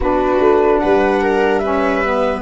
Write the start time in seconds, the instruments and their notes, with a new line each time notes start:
0.00 tuba B3, saxophone D4, viola F#4, flute B4
0.39 tuba A3
0.79 tuba G3, viola B4, flute F#5
1.21 viola A#4
1.58 saxophone C#4, viola B4, flute E5
2.05 saxophone B3